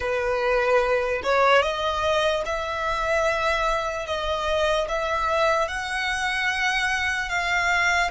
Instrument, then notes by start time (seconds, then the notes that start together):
violin
0.00 B4
1.23 C#5
1.62 D#5
2.45 E5
4.06 D#5
4.88 E5
5.68 F#5
7.29 F5